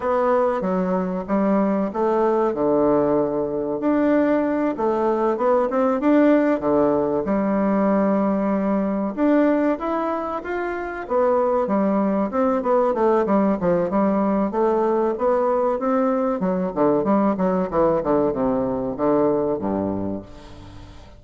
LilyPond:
\new Staff \with { instrumentName = "bassoon" } { \time 4/4 \tempo 4 = 95 b4 fis4 g4 a4 | d2 d'4. a8~ | a8 b8 c'8 d'4 d4 g8~ | g2~ g8 d'4 e'8~ |
e'8 f'4 b4 g4 c'8 | b8 a8 g8 f8 g4 a4 | b4 c'4 fis8 d8 g8 fis8 | e8 d8 c4 d4 g,4 | }